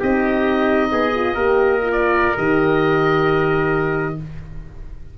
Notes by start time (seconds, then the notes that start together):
0.00 C4 D#4 G4 D#5
0.92 B3 G#4
1.15 F4
1.35 A#3 G4 A#4
1.82 F4
1.92 D5
2.37 D#3 G4 D#5